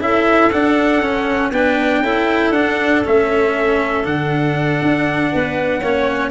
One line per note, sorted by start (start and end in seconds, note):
0.00 0.50 C#4
0.00 0.51 E4
0.00 1.50 A4
0.00 0.52 E5
0.52 1.03 D4
0.52 1.01 D4
0.52 1.53 F#5
1.01 1.51 C#4
1.01 1.53 C#4
1.50 2.01 B3
1.50 2.04 D4
1.50 2.01 B4
1.50 2.51 G5
2.01 2.51 C#4
2.01 2.55 E4
2.01 5.31 A4
2.51 3.02 D4
2.51 3.05 D4
2.51 3.02 F#5
3.05 4.05 A3
3.05 4.04 C#4
3.05 4.06 E5
4.04 4.81 D3
4.04 5.81 D4
4.04 6.31 F#5
4.82 5.33 D4
5.32 5.83 B3
5.32 5.81 B4
5.81 6.31 A#3
5.81 6.31 C#4
5.81 6.31 C#5